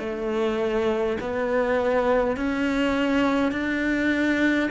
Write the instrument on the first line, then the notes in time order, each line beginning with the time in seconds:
cello
0.00 A3
1.21 B3
2.37 C#4
3.52 D4